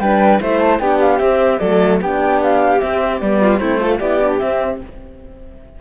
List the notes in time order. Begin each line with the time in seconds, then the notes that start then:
0.00 G3 D4 B4 G5
0.41 A3 E4 C5 E5
0.59 A5
0.79 B3 D4 G4 G5
1.00 F5
1.19 C4 E5
1.59 F#3 A3 A4 D5
2.01 B3 D4 G4 G5
2.43 F5
2.80 C4 E5
3.21 G3 B3 D5
3.41 F4
3.58 A3 C4 E4 C5
3.80 F4 A4
3.99 B3 E4 G4 D5
4.21 D4
4.40 C4 E5